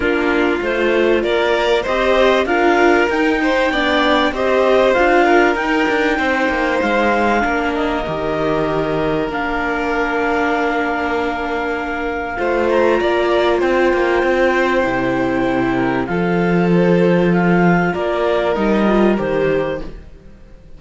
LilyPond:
<<
  \new Staff \with { instrumentName = "clarinet" } { \time 4/4 \tempo 4 = 97 ais'4 c''4 d''4 dis''4 | f''4 g''2 dis''4 | f''4 g''2 f''4~ | f''8 dis''2~ dis''8 f''4~ |
f''1~ | f''8 ais''4. g''2~ | g''2 f''4 c''4 | f''4 d''4 dis''4 c''4 | }
  \new Staff \with { instrumentName = "violin" } { \time 4/4 f'2 ais'4 c''4 | ais'4. c''8 d''4 c''4~ | c''8 ais'4. c''2 | ais'1~ |
ais'1 | c''4 d''4 c''2~ | c''4. ais'8 a'2~ | a'4 ais'2. | }
  \new Staff \with { instrumentName = "viola" } { \time 4/4 d'4 f'2 g'4 | f'4 dis'4 d'4 g'4 | f'4 dis'2. | d'4 g'2 d'4~ |
d'1 | f'1 | e'2 f'2~ | f'2 dis'8 f'8 g'4 | }
  \new Staff \with { instrumentName = "cello" } { \time 4/4 ais4 a4 ais4 c'4 | d'4 dis'4 b4 c'4 | d'4 dis'8 d'8 c'8 ais8 gis4 | ais4 dis2 ais4~ |
ais1 | a4 ais4 c'8 ais8 c'4 | c2 f2~ | f4 ais4 g4 dis4 | }
>>